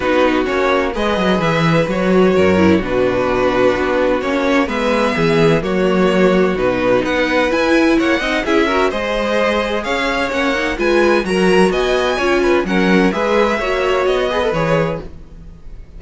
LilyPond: <<
  \new Staff \with { instrumentName = "violin" } { \time 4/4 \tempo 4 = 128 b'4 cis''4 dis''4 e''4 | cis''2 b'2~ | b'4 cis''4 e''2 | cis''2 b'4 fis''4 |
gis''4 fis''4 e''4 dis''4~ | dis''4 f''4 fis''4 gis''4 | ais''4 gis''2 fis''4 | e''2 dis''4 cis''4 | }
  \new Staff \with { instrumentName = "violin" } { \time 4/4 fis'2 b'2~ | b'4 ais'4 fis'2~ | fis'2 b'4 gis'4 | fis'2. b'4~ |
b'4 cis''8 dis''8 gis'8 ais'8 c''4~ | c''4 cis''2 b'4 | ais'4 dis''4 cis''8 b'8 ais'4 | b'4 cis''4. b'4. | }
  \new Staff \with { instrumentName = "viola" } { \time 4/4 dis'4 cis'4 gis'2 | fis'4. e'8 d'2~ | d'4 cis'4 b2 | ais2 dis'2 |
e'4. dis'8 e'8 fis'8 gis'4~ | gis'2 cis'8 dis'8 f'4 | fis'2 f'4 cis'4 | gis'4 fis'4. gis'16 a'16 gis'4 | }
  \new Staff \with { instrumentName = "cello" } { \time 4/4 b4 ais4 gis8 fis8 e4 | fis4 fis,4 b,2 | b4 ais4 gis4 e4 | fis2 b,4 b4 |
e'4 ais8 c'8 cis'4 gis4~ | gis4 cis'4 ais4 gis4 | fis4 b4 cis'4 fis4 | gis4 ais4 b4 e4 | }
>>